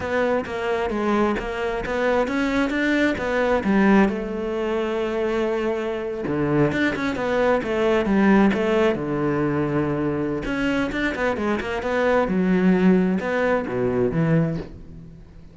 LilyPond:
\new Staff \with { instrumentName = "cello" } { \time 4/4 \tempo 4 = 132 b4 ais4 gis4 ais4 | b4 cis'4 d'4 b4 | g4 a2.~ | a4.~ a16 d4 d'8 cis'8 b16~ |
b8. a4 g4 a4 d16~ | d2. cis'4 | d'8 b8 gis8 ais8 b4 fis4~ | fis4 b4 b,4 e4 | }